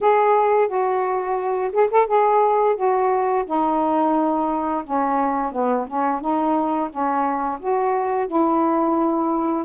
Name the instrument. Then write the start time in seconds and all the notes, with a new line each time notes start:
saxophone
0.00 G#4
0.67 F#4
1.72 G#4
1.90 A4
2.07 G#4
2.76 F#4
3.46 D#4
4.84 C#4
5.52 B3
5.87 C#4
6.20 D#4
6.90 C#4
7.59 F#4
8.27 E4